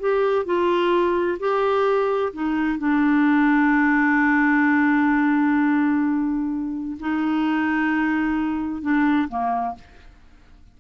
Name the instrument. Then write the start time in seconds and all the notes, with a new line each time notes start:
clarinet
0.00 G4
0.45 F4
1.40 G4
2.33 D#4
2.79 D4
7.00 D#4
8.82 D4
9.29 A#3